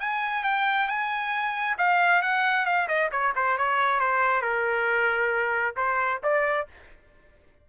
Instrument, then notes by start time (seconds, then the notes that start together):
trumpet
0.00 G#5
0.44 G5
0.88 G#5
1.78 F5
2.22 F#5
2.65 F5
2.88 D#5
3.12 C#5
3.36 C5
3.58 C#5
4.00 C5
4.42 A#4
5.77 C5
6.23 D5